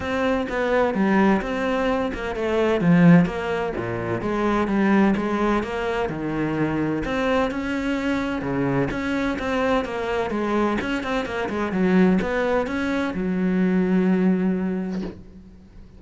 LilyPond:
\new Staff \with { instrumentName = "cello" } { \time 4/4 \tempo 4 = 128 c'4 b4 g4 c'4~ | c'8 ais8 a4 f4 ais4 | ais,4 gis4 g4 gis4 | ais4 dis2 c'4 |
cis'2 cis4 cis'4 | c'4 ais4 gis4 cis'8 c'8 | ais8 gis8 fis4 b4 cis'4 | fis1 | }